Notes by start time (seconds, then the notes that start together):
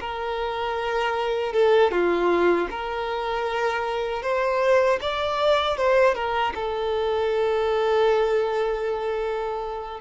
0.00 A#4
1.52 A4
1.91 F4
2.70 A#4
4.22 C5
5.01 D5
5.77 C5
6.14 A#4
6.55 A4